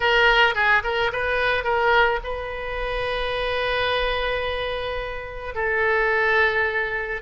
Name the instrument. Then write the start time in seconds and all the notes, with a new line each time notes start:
oboe
0.00 A#4
0.54 G#4
0.83 A#4
1.12 B4
1.64 A#4
2.23 B4
5.55 A4